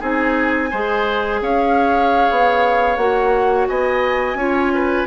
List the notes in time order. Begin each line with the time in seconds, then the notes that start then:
0.00 C4 D#4 G#4 G#5
0.71 G#3 G#4 C5
1.41 C#4 C#5 F5
2.31 B3
2.97 A#3 F#4 F#5
3.68 B3 D#5 G#5
4.34 C#4 F4 C#5
4.74 B4